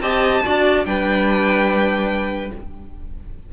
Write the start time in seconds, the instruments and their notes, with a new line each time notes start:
0.00 cello C4, viola G4, violin D#5 A5
0.45 cello D4, viola F#4, violin D5
0.85 cello G3, viola D4, violin B4 G5